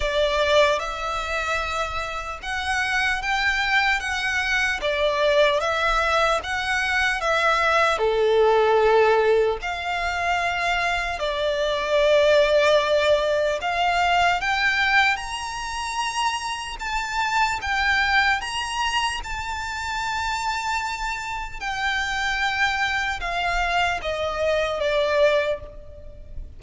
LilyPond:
\new Staff \with { instrumentName = "violin" } { \time 4/4 \tempo 4 = 75 d''4 e''2 fis''4 | g''4 fis''4 d''4 e''4 | fis''4 e''4 a'2 | f''2 d''2~ |
d''4 f''4 g''4 ais''4~ | ais''4 a''4 g''4 ais''4 | a''2. g''4~ | g''4 f''4 dis''4 d''4 | }